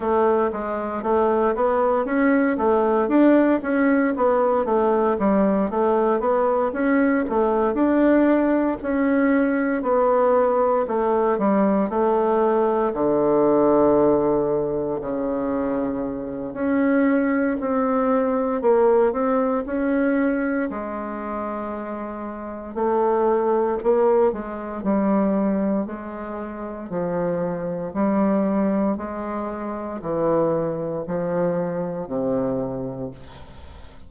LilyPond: \new Staff \with { instrumentName = "bassoon" } { \time 4/4 \tempo 4 = 58 a8 gis8 a8 b8 cis'8 a8 d'8 cis'8 | b8 a8 g8 a8 b8 cis'8 a8 d'8~ | d'8 cis'4 b4 a8 g8 a8~ | a8 d2 cis4. |
cis'4 c'4 ais8 c'8 cis'4 | gis2 a4 ais8 gis8 | g4 gis4 f4 g4 | gis4 e4 f4 c4 | }